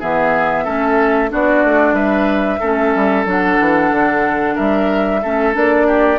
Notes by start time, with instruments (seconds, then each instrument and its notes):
0.00 bassoon E3, clarinet B3, oboe G#4, flute E5
0.64 bassoon A3, clarinet C#4, oboe A4
1.29 bassoon B3, clarinet D4, oboe F#4, flute D5
1.65 bassoon A3
1.93 bassoon G3, oboe B4, flute E5
2.60 bassoon A3, clarinet C#4, oboe A4
2.96 bassoon G3
3.26 bassoon F#3, clarinet D4, flute F#5
3.60 bassoon E3
3.91 bassoon D3
4.55 bassoon G3, oboe A#4, flute E5
5.22 bassoon A3, clarinet C#4, oboe A4
5.53 bassoon A#3, clarinet D4, flute D5
5.87 oboe G4